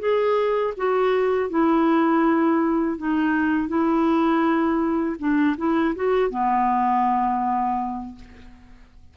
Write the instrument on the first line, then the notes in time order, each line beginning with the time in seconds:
clarinet
0.00 G#4
0.77 F#4
1.50 E4
2.98 D#4
3.69 E4
5.20 D4
5.58 E4
5.96 F#4
6.31 B3